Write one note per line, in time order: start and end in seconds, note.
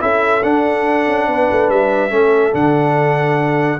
0.00 0.44 C#4
0.00 0.42 E4
0.00 1.29 A4
0.00 0.43 E5
0.43 1.07 D4
0.43 2.10 D4
0.43 1.70 F#5
1.07 1.28 C#4
1.28 1.49 B3
1.28 2.13 B4
1.52 1.69 A3
1.69 2.11 G3
1.69 2.54 E5
2.10 2.53 A3
2.10 2.52 C#4
2.10 3.80 A4
2.52 3.80 D3
2.52 3.79 D4
2.52 3.80 F#5